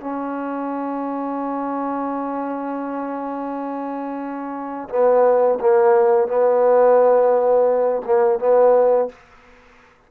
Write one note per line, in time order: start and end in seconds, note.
0.00 4.88 C#4
4.89 5.58 B3
5.60 6.27 A#3
6.27 8.01 B3
8.05 8.39 A#3
8.39 9.09 B3